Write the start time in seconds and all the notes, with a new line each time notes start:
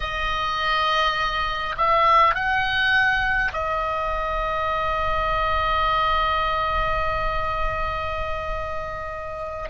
0.00 D#5
1.76 E5
2.34 F#5
3.52 D#5